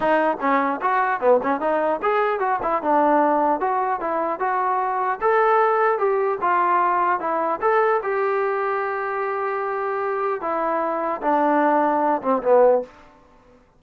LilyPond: \new Staff \with { instrumentName = "trombone" } { \time 4/4 \tempo 4 = 150 dis'4 cis'4 fis'4 b8 cis'8 | dis'4 gis'4 fis'8 e'8 d'4~ | d'4 fis'4 e'4 fis'4~ | fis'4 a'2 g'4 |
f'2 e'4 a'4 | g'1~ | g'2 e'2 | d'2~ d'8 c'8 b4 | }